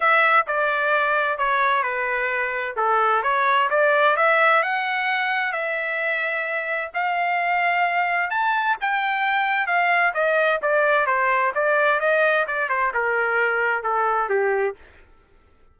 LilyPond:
\new Staff \with { instrumentName = "trumpet" } { \time 4/4 \tempo 4 = 130 e''4 d''2 cis''4 | b'2 a'4 cis''4 | d''4 e''4 fis''2 | e''2. f''4~ |
f''2 a''4 g''4~ | g''4 f''4 dis''4 d''4 | c''4 d''4 dis''4 d''8 c''8 | ais'2 a'4 g'4 | }